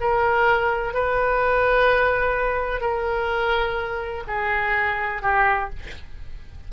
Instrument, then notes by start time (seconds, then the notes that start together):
oboe
0.00 A#4
0.93 B4
2.81 A#4
4.27 G#4
5.22 G4